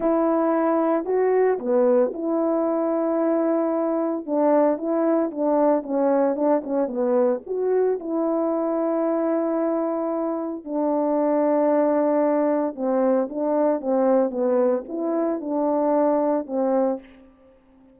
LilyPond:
\new Staff \with { instrumentName = "horn" } { \time 4/4 \tempo 4 = 113 e'2 fis'4 b4 | e'1 | d'4 e'4 d'4 cis'4 | d'8 cis'8 b4 fis'4 e'4~ |
e'1 | d'1 | c'4 d'4 c'4 b4 | e'4 d'2 c'4 | }